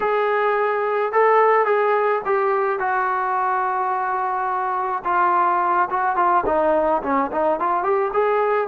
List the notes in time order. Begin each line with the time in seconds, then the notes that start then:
0.00 G#4
1.12 A4
1.65 G#4
2.25 G4
2.79 F#4
5.04 F4
5.90 F#4
6.15 F4
6.46 D#4
7.02 C#4
7.31 D#4
7.59 F4
7.83 G4
8.13 G#4